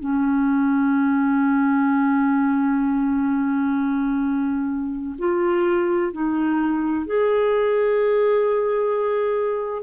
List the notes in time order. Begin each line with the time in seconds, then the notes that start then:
0.00 C#4
5.19 F4
6.12 D#4
7.06 G#4